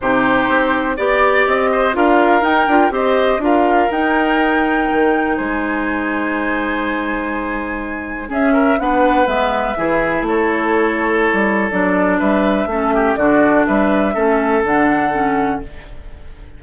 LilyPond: <<
  \new Staff \with { instrumentName = "flute" } { \time 4/4 \tempo 4 = 123 c''2 d''4 dis''4 | f''4 g''4 dis''4 f''4 | g''2. gis''4~ | gis''1~ |
gis''4 e''4 fis''4 e''4~ | e''4 cis''2. | d''4 e''2 d''4 | e''2 fis''2 | }
  \new Staff \with { instrumentName = "oboe" } { \time 4/4 g'2 d''4. c''8 | ais'2 c''4 ais'4~ | ais'2. c''4~ | c''1~ |
c''4 gis'8 ais'8 b'2 | gis'4 a'2.~ | a'4 b'4 a'8 g'8 fis'4 | b'4 a'2. | }
  \new Staff \with { instrumentName = "clarinet" } { \time 4/4 dis'2 g'2 | f'4 dis'8 f'8 g'4 f'4 | dis'1~ | dis'1~ |
dis'4 cis'4 d'4 b4 | e'1 | d'2 cis'4 d'4~ | d'4 cis'4 d'4 cis'4 | }
  \new Staff \with { instrumentName = "bassoon" } { \time 4/4 c4 c'4 b4 c'4 | d'4 dis'8 d'8 c'4 d'4 | dis'2 dis4 gis4~ | gis1~ |
gis4 cis'4 b4 gis4 | e4 a2~ a16 g8. | fis4 g4 a4 d4 | g4 a4 d2 | }
>>